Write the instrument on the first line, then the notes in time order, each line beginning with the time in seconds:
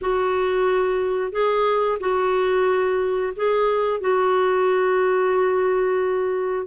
clarinet
0.01 F#4
1.32 G#4
2.00 F#4
3.35 G#4
4.00 F#4